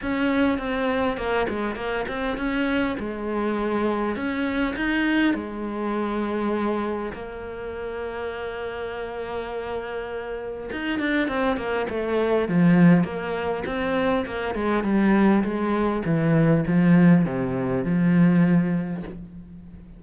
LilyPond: \new Staff \with { instrumentName = "cello" } { \time 4/4 \tempo 4 = 101 cis'4 c'4 ais8 gis8 ais8 c'8 | cis'4 gis2 cis'4 | dis'4 gis2. | ais1~ |
ais2 dis'8 d'8 c'8 ais8 | a4 f4 ais4 c'4 | ais8 gis8 g4 gis4 e4 | f4 c4 f2 | }